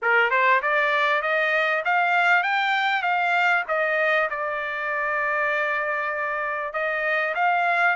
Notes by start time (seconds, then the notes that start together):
0.01 A#4
0.30 C5
0.62 D5
1.22 D#5
1.85 F5
2.43 G5
3.02 F5
3.67 D#5
4.30 D5
6.73 D#5
7.35 F5